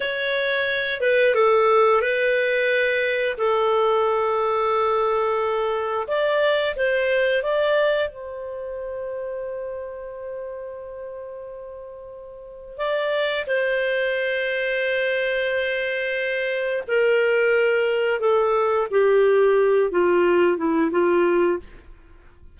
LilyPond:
\new Staff \with { instrumentName = "clarinet" } { \time 4/4 \tempo 4 = 89 cis''4. b'8 a'4 b'4~ | b'4 a'2.~ | a'4 d''4 c''4 d''4 | c''1~ |
c''2. d''4 | c''1~ | c''4 ais'2 a'4 | g'4. f'4 e'8 f'4 | }